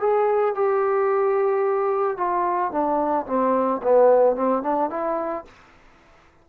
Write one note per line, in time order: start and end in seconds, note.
0.00 0.55 G#4
0.55 2.17 G4
2.17 2.71 F4
2.71 3.26 D4
3.26 3.81 C4
3.83 4.36 B3
4.36 4.63 C4
4.63 4.90 D4
4.90 5.44 E4